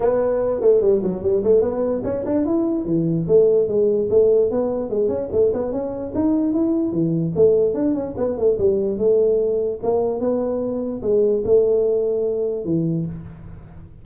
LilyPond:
\new Staff \with { instrumentName = "tuba" } { \time 4/4 \tempo 4 = 147 b4. a8 g8 fis8 g8 a8 | b4 cis'8 d'8 e'4 e4 | a4 gis4 a4 b4 | gis8 cis'8 a8 b8 cis'4 dis'4 |
e'4 e4 a4 d'8 cis'8 | b8 a8 g4 a2 | ais4 b2 gis4 | a2. e4 | }